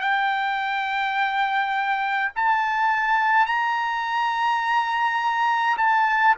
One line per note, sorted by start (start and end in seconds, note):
0.00 2.31 G5
2.35 3.46 A5
3.46 5.76 A#5
5.77 6.35 A5